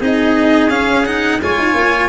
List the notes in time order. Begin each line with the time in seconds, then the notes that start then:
0.00 C4 D#4 G#4 D#5
0.68 C#4 F5
1.05 D#4 F#5
1.42 G#3 F4 C#5 G#5
1.58 D#4
1.74 A#3